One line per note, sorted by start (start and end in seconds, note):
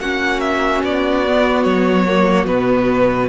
0.00 0.82 A#3
0.00 1.25 C#4
0.00 3.28 F#4
0.00 0.40 F#5
0.40 0.81 E5
0.83 1.64 B3
0.83 1.63 D5
1.27 2.08 B3
1.63 2.46 F#3
1.63 2.45 C#5
2.08 2.45 A#3
2.45 3.28 B2
2.45 3.27 B3
2.45 3.28 B4